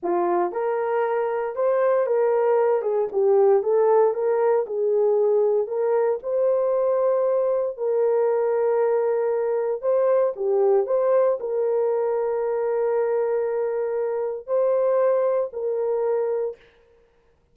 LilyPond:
\new Staff \with { instrumentName = "horn" } { \time 4/4 \tempo 4 = 116 f'4 ais'2 c''4 | ais'4. gis'8 g'4 a'4 | ais'4 gis'2 ais'4 | c''2. ais'4~ |
ais'2. c''4 | g'4 c''4 ais'2~ | ais'1 | c''2 ais'2 | }